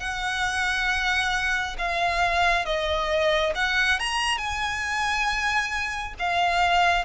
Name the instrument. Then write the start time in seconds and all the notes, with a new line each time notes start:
violin
0.00 F#5
1.78 F5
2.65 D#5
3.55 F#5
3.99 A#5
4.38 G#5
6.19 F5